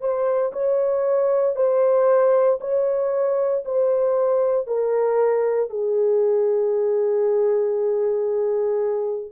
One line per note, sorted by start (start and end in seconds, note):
0.00 0.52 C5
0.52 1.55 C#5
1.55 2.59 C5
2.61 3.64 C#5
3.65 4.67 C5
4.67 5.69 A#4
5.69 9.32 G#4